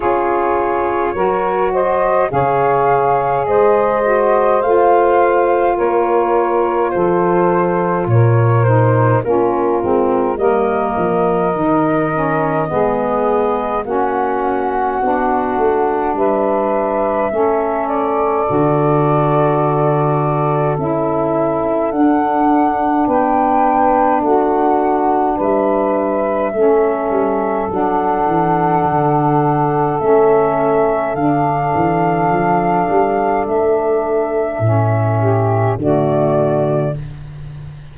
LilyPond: <<
  \new Staff \with { instrumentName = "flute" } { \time 4/4 \tempo 4 = 52 cis''4. dis''8 f''4 dis''4 | f''4 cis''4 c''4 cis''8 c''8 | ais'4 dis''2. | fis''2 e''4. d''8~ |
d''2 e''4 fis''4 | g''4 fis''4 e''2 | fis''2 e''4 f''4~ | f''4 e''2 d''4 | }
  \new Staff \with { instrumentName = "saxophone" } { \time 4/4 gis'4 ais'8 c''8 cis''4 c''4~ | c''4 ais'4 a'4 ais'4 | f'4 ais'2 gis'4 | fis'2 b'4 a'4~ |
a'1 | b'4 fis'4 b'4 a'4~ | a'1~ | a'2~ a'8 g'8 fis'4 | }
  \new Staff \with { instrumentName = "saxophone" } { \time 4/4 f'4 fis'4 gis'4. fis'8 | f'2.~ f'8 dis'8 | cis'8 c'8 ais4 dis'8 cis'8 b4 | cis'4 d'2 cis'4 |
fis'2 e'4 d'4~ | d'2. cis'4 | d'2 cis'4 d'4~ | d'2 cis'4 a4 | }
  \new Staff \with { instrumentName = "tuba" } { \time 4/4 cis'4 fis4 cis4 gis4 | a4 ais4 f4 ais,4 | ais8 gis8 g8 f8 dis4 gis4 | ais4 b8 a8 g4 a4 |
d2 cis'4 d'4 | b4 a4 g4 a8 g8 | fis8 e8 d4 a4 d8 e8 | f8 g8 a4 a,4 d4 | }
>>